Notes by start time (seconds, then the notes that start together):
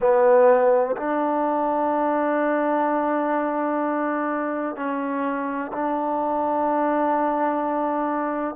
0.00 B3
0.96 D4
4.76 C#4
5.72 D4